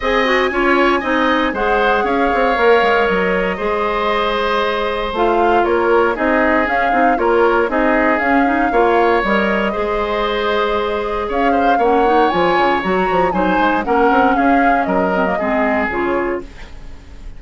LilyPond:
<<
  \new Staff \with { instrumentName = "flute" } { \time 4/4 \tempo 4 = 117 gis''2. fis''4 | f''2 dis''2~ | dis''2 f''4 cis''4 | dis''4 f''4 cis''4 dis''4 |
f''2 dis''2~ | dis''2 f''4 fis''4 | gis''4 ais''4 gis''4 fis''4 | f''4 dis''2 cis''4 | }
  \new Staff \with { instrumentName = "oboe" } { \time 4/4 dis''4 cis''4 dis''4 c''4 | cis''2. c''4~ | c''2. ais'4 | gis'2 ais'4 gis'4~ |
gis'4 cis''2 c''4~ | c''2 cis''8 c''8 cis''4~ | cis''2 c''4 ais'4 | gis'4 ais'4 gis'2 | }
  \new Staff \with { instrumentName = "clarinet" } { \time 4/4 gis'8 fis'8 f'4 dis'4 gis'4~ | gis'4 ais'2 gis'4~ | gis'2 f'2 | dis'4 cis'8 dis'8 f'4 dis'4 |
cis'8 dis'8 f'4 ais'4 gis'4~ | gis'2. cis'8 dis'8 | f'4 fis'4 dis'4 cis'4~ | cis'4. c'16 ais16 c'4 f'4 | }
  \new Staff \with { instrumentName = "bassoon" } { \time 4/4 c'4 cis'4 c'4 gis4 | cis'8 c'8 ais8 gis8 fis4 gis4~ | gis2 a4 ais4 | c'4 cis'8 c'8 ais4 c'4 |
cis'4 ais4 g4 gis4~ | gis2 cis'4 ais4 | f8 cis8 fis8 f8 fis8 gis8 ais8 c'8 | cis'4 fis4 gis4 cis4 | }
>>